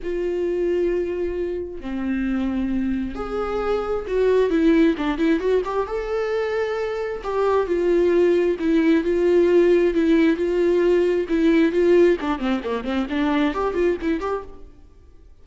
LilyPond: \new Staff \with { instrumentName = "viola" } { \time 4/4 \tempo 4 = 133 f'1 | c'2. gis'4~ | gis'4 fis'4 e'4 d'8 e'8 | fis'8 g'8 a'2. |
g'4 f'2 e'4 | f'2 e'4 f'4~ | f'4 e'4 f'4 d'8 c'8 | ais8 c'8 d'4 g'8 f'8 e'8 g'8 | }